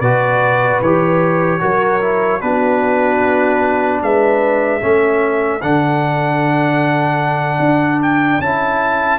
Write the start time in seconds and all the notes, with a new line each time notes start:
0.00 B2 F#4 B4 D5
0.82 E3 G4 C#5
1.60 F#3 F#4 A#4
2.01 E4
2.41 B3 D4 F#4 B4
4.02 G#3 B4 E5
4.81 A3 C#4 A4
5.62 D3 D4 F#5
7.60 D4
8.03 G5
8.40 C#4 E4 A5